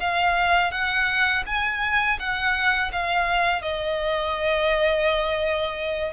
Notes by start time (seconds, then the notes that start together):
0.00 F5
0.71 F#5
1.47 G#5
2.19 F#5
2.92 F5
3.62 D#5